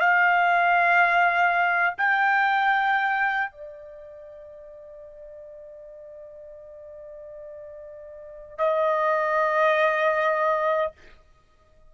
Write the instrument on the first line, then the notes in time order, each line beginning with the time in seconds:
trumpet
0.00 F5
1.98 G5
3.51 D5
8.58 D#5